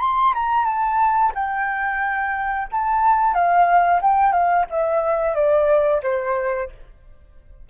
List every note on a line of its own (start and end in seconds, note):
0.00 0.33 C6
0.35 0.66 A#5
0.66 1.32 A5
1.35 2.68 G5
2.72 3.34 A5
3.34 4.01 F5
4.02 4.33 G5
4.33 4.66 F5
4.70 5.35 E5
5.35 6.02 D5
6.03 6.70 C5